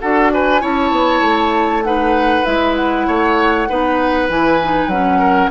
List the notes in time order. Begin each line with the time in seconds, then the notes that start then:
0.00 D4 F#4 A4 F#5
0.34 B4 G#5
0.61 C#4 E4 C#5 A5
0.91 B3
1.21 A3
1.84 D#4 B4 F#5
2.45 G#3 E4 E5
2.76 F#5
3.07 A3 C#5
3.69 B3 D#4 B4
4.29 E3 E4 G#5
4.63 D#4
4.87 F#3 C#4 F#5
5.19 A#4